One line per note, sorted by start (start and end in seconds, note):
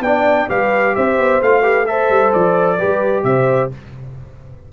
0.00 0.46 B3
0.00 0.49 D4
0.00 0.49 D5
0.00 0.49 G5
0.49 0.96 G3
0.49 1.42 G4
0.49 0.95 B4
0.49 0.96 F5
0.95 1.18 C4
0.95 1.62 C5
0.95 1.42 E5
1.18 1.41 B3
1.41 2.09 A3
1.41 1.62 F4
1.41 1.86 F5
1.62 1.86 G4
1.62 1.85 B4
1.86 2.79 A4
1.86 2.78 C5
1.86 2.32 E5
2.09 2.32 G3
2.33 2.81 F3
2.33 3.24 D5
2.78 3.23 G3
2.78 3.71 G4
2.78 3.24 B4
3.23 3.70 C3
3.23 3.73 C5
3.23 3.70 E5